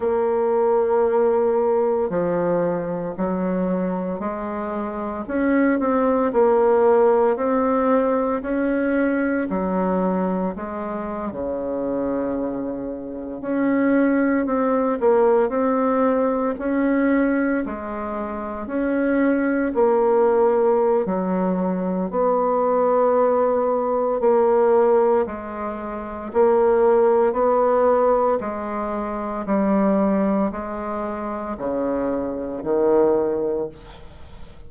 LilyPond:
\new Staff \with { instrumentName = "bassoon" } { \time 4/4 \tempo 4 = 57 ais2 f4 fis4 | gis4 cis'8 c'8 ais4 c'4 | cis'4 fis4 gis8. cis4~ cis16~ | cis8. cis'4 c'8 ais8 c'4 cis'16~ |
cis'8. gis4 cis'4 ais4~ ais16 | fis4 b2 ais4 | gis4 ais4 b4 gis4 | g4 gis4 cis4 dis4 | }